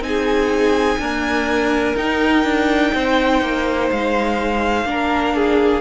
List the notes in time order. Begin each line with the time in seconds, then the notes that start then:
0.00 C4 D#4 G#5
0.08 G#4
0.99 A#3 D4 A#4
1.96 D#4 G5
2.44 D4
2.95 C4 C5
3.42 A#3
3.91 G#3 F5
4.85 A#3 D4 A#4
5.36 G#4